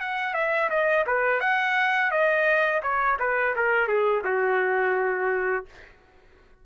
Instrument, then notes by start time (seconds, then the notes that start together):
trumpet
0.00 F#5
0.34 E5
0.70 D#5
1.07 B4
1.40 F#5
2.11 D#5
2.82 C#5
3.19 B4
3.56 A#4
3.88 G#4
4.24 F#4